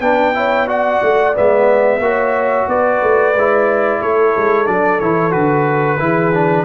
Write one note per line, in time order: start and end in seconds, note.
0.00 1.00 B3
0.00 0.34 D4
0.00 0.34 B4
0.00 0.67 G5
0.34 0.67 E4
0.34 0.68 C#5
0.67 1.33 F#4
0.67 2.01 D5
0.67 1.36 F#5
1.02 1.36 A3
1.34 1.98 G#3
1.34 2.00 B3
1.34 2.69 E5
1.98 2.65 A#3
1.98 3.34 F#4
1.98 2.70 C#5
2.68 3.01 B3
2.68 4.00 B4
2.68 4.02 D5
3.02 3.34 A3
3.34 4.01 G#3
3.34 4.66 E4
4.00 4.34 A3
4.00 6.00 A4
4.00 4.66 C#5
4.37 4.67 G#3
4.66 5.01 F#3
4.66 4.99 D4
4.66 5.00 D5
5.00 5.34 E3
5.00 5.31 E4
5.00 5.32 C#5
5.31 5.99 D3
5.31 5.97 F#4
5.31 6.65 B4
5.99 6.65 E3
5.99 6.33 E4
5.99 6.65 G#4
6.33 6.65 D4